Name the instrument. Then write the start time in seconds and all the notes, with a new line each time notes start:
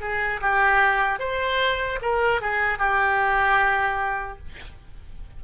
oboe
0.00 G#4
0.41 G4
1.19 C5
2.01 A#4
2.41 G#4
2.78 G4